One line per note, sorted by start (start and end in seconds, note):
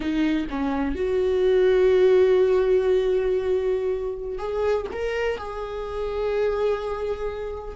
0.00 0.46 D#4
0.50 0.95 C#4
0.95 4.38 F#4
4.38 4.86 G#4
4.92 5.37 A#4
5.37 7.75 G#4